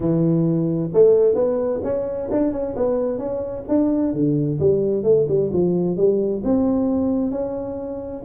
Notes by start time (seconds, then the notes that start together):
0.00 E3
0.93 A3
1.34 B3
1.83 C#4
2.31 D4
2.52 C#4
2.75 B3
3.18 C#4
3.68 D4
4.13 D3
4.59 G3
5.03 A3
5.28 G3
5.53 F3
5.96 G3
6.44 C4
7.31 C#4